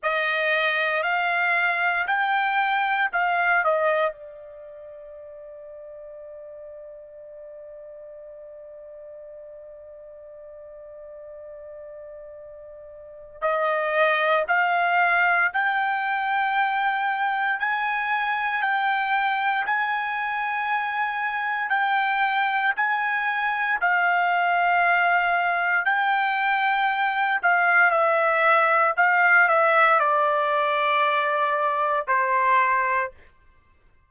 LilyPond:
\new Staff \with { instrumentName = "trumpet" } { \time 4/4 \tempo 4 = 58 dis''4 f''4 g''4 f''8 dis''8 | d''1~ | d''1~ | d''4 dis''4 f''4 g''4~ |
g''4 gis''4 g''4 gis''4~ | gis''4 g''4 gis''4 f''4~ | f''4 g''4. f''8 e''4 | f''8 e''8 d''2 c''4 | }